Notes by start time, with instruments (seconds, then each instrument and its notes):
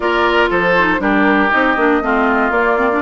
0.00 bassoon A#3, clarinet F4, oboe A#4, flute D5
0.49 bassoon F3, oboe A4, flute C5
0.79 clarinet D#4
0.98 bassoon G3, clarinet D4, oboe G4, flute A#4
1.50 bassoon C4, clarinet D#4, flute D#5
1.76 bassoon A#3, clarinet D4
2.01 bassoon A3, clarinet C4, oboe F4
2.50 bassoon A#3, clarinet A#3, flute D5
2.77 clarinet C4
2.91 clarinet D4